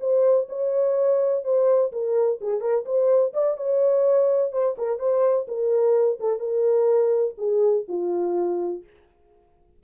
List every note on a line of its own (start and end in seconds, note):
0.00 0.48 C5
0.49 1.44 C#5
1.44 1.91 C5
1.92 2.39 A#4
2.41 2.61 G#4
2.61 2.84 A#4
2.85 3.33 C5
3.33 3.57 D5
3.57 4.52 C#5
4.52 4.76 C5
4.78 4.99 A#4
4.99 5.46 C5
5.47 6.19 A#4
6.20 6.39 A4
6.39 7.34 A#4
7.38 7.85 G#4
7.88 8.83 F4